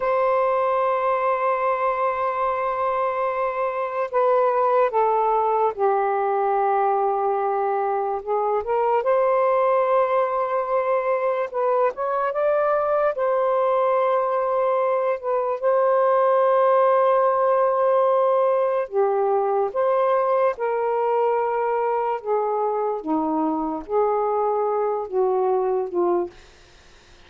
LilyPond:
\new Staff \with { instrumentName = "saxophone" } { \time 4/4 \tempo 4 = 73 c''1~ | c''4 b'4 a'4 g'4~ | g'2 gis'8 ais'8 c''4~ | c''2 b'8 cis''8 d''4 |
c''2~ c''8 b'8 c''4~ | c''2. g'4 | c''4 ais'2 gis'4 | dis'4 gis'4. fis'4 f'8 | }